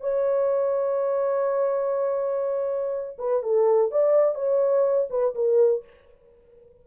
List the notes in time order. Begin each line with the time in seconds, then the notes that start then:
0.00 C#5
3.18 B4
3.43 A4
3.91 D5
4.35 C#5
5.10 B4
5.35 A#4